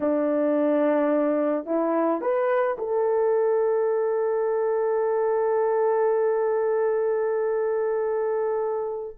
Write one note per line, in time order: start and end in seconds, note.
0.00 1.65 D4
1.65 2.21 E4
2.21 2.76 B4
2.78 9.16 A4